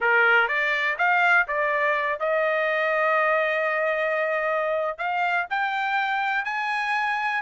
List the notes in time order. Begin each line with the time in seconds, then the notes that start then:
0.00 A#4
0.47 D5
0.98 F5
1.47 D5
2.19 D#5
4.98 F5
5.49 G5
6.45 G#5